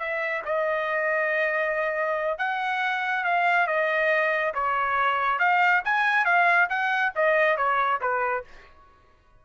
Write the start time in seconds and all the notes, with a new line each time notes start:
0.00 E5
0.46 D#5
2.39 F#5
3.25 F5
3.67 D#5
4.55 C#5
5.40 F5
5.85 G#5
6.26 F5
6.70 F#5
7.16 D#5
7.58 C#5
8.01 B4